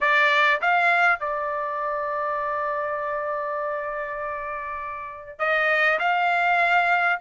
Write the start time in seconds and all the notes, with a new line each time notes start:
0.00 D5
0.61 F5
1.19 D5
5.38 D#5
5.99 F5